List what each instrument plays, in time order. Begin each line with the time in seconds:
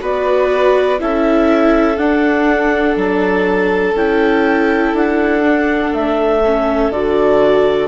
0.00 bassoon B3, viola F#4, violin B4, clarinet D5
0.99 bassoon C#4, viola E4, violin A4, clarinet E5
1.97 bassoon D4, viola D4, clarinet F#5
2.96 bassoon F#3, clarinet A5
3.95 bassoon C#4, viola E4, clarinet G5
4.93 bassoon D4, clarinet F#5
5.43 viola D4
5.92 bassoon A3, clarinet E5
6.45 viola C#4
6.90 bassoon D3, viola F#4, clarinet D5